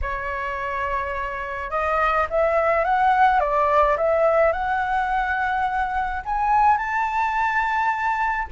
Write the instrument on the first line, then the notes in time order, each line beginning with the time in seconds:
flute
0.01 C#5
1.70 D#5
2.30 E5
2.84 F#5
3.40 D5
3.97 E5
4.52 F#5
6.25 G#5
6.77 A5